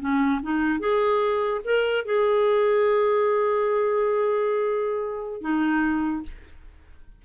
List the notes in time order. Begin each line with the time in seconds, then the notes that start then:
0.00 C#4
0.42 D#4
0.80 G#4
1.65 A#4
2.05 G#4
5.41 D#4